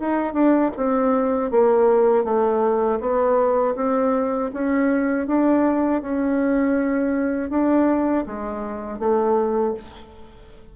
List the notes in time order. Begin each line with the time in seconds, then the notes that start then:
0.00 D#4
0.34 D4
0.77 C4
1.51 A#3
2.25 A3
3.00 B3
3.76 C4
4.53 C#4
5.27 D4
6.02 C#4
7.50 D4
8.26 G#3
8.99 A3